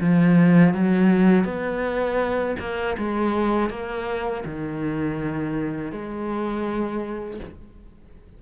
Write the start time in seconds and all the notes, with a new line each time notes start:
0.00 F3
0.73 F#3
1.44 B3
2.59 A#3
2.97 G#3
3.69 A#3
4.45 D#3
5.91 G#3